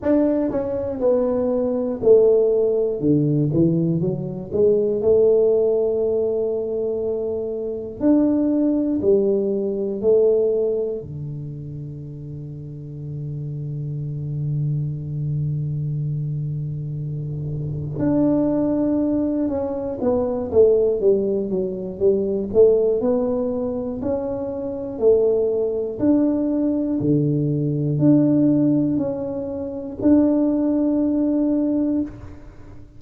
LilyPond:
\new Staff \with { instrumentName = "tuba" } { \time 4/4 \tempo 4 = 60 d'8 cis'8 b4 a4 d8 e8 | fis8 gis8 a2. | d'4 g4 a4 d4~ | d1~ |
d2 d'4. cis'8 | b8 a8 g8 fis8 g8 a8 b4 | cis'4 a4 d'4 d4 | d'4 cis'4 d'2 | }